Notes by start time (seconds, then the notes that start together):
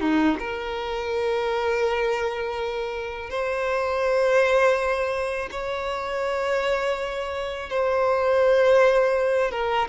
0.00 D#4
0.39 A#4
3.30 C5
5.51 C#5
7.69 C5
9.51 A#4